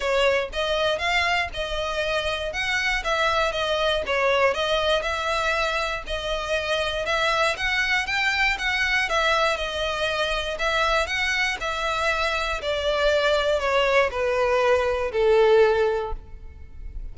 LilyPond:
\new Staff \with { instrumentName = "violin" } { \time 4/4 \tempo 4 = 119 cis''4 dis''4 f''4 dis''4~ | dis''4 fis''4 e''4 dis''4 | cis''4 dis''4 e''2 | dis''2 e''4 fis''4 |
g''4 fis''4 e''4 dis''4~ | dis''4 e''4 fis''4 e''4~ | e''4 d''2 cis''4 | b'2 a'2 | }